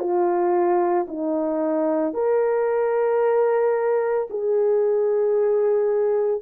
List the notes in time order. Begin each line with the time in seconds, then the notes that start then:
0.00 F4
1.09 D#4
2.14 A#4
4.31 G#4